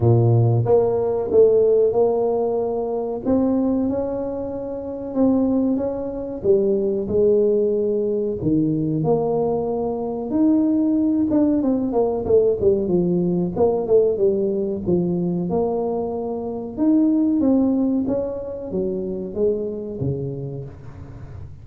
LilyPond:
\new Staff \with { instrumentName = "tuba" } { \time 4/4 \tempo 4 = 93 ais,4 ais4 a4 ais4~ | ais4 c'4 cis'2 | c'4 cis'4 g4 gis4~ | gis4 dis4 ais2 |
dis'4. d'8 c'8 ais8 a8 g8 | f4 ais8 a8 g4 f4 | ais2 dis'4 c'4 | cis'4 fis4 gis4 cis4 | }